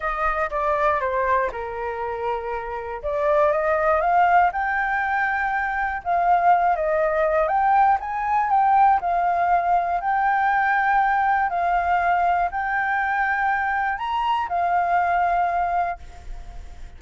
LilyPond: \new Staff \with { instrumentName = "flute" } { \time 4/4 \tempo 4 = 120 dis''4 d''4 c''4 ais'4~ | ais'2 d''4 dis''4 | f''4 g''2. | f''4. dis''4. g''4 |
gis''4 g''4 f''2 | g''2. f''4~ | f''4 g''2. | ais''4 f''2. | }